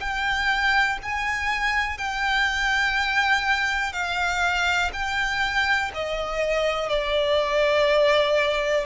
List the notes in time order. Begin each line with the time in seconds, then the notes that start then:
0.00 G5
1.02 G#5
1.98 G5
3.93 F5
4.93 G5
5.94 D#5
6.89 D5